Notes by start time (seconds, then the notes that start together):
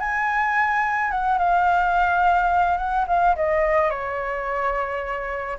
0.00 G#5
1.11 F#5
1.38 F5
2.78 F#5
3.08 F5
3.36 D#5
3.90 C#5